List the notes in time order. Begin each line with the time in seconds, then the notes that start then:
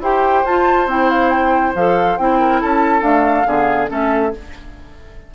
0.00 E4 G4 C5 G5
0.44 F4 A5
0.86 C4 E4 G5
1.10 F5
1.30 G5
1.75 F3 A4 F5
2.17 C4 E4 G5
2.39 A#4
2.61 C#4 A4 A5
3.01 A3 D4 F5
3.46 D3 B3 G#4
3.88 A3 C#4 A4 E5